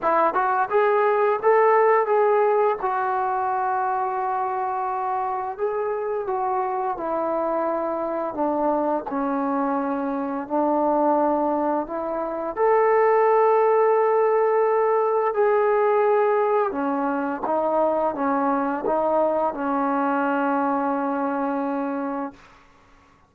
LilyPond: \new Staff \with { instrumentName = "trombone" } { \time 4/4 \tempo 4 = 86 e'8 fis'8 gis'4 a'4 gis'4 | fis'1 | gis'4 fis'4 e'2 | d'4 cis'2 d'4~ |
d'4 e'4 a'2~ | a'2 gis'2 | cis'4 dis'4 cis'4 dis'4 | cis'1 | }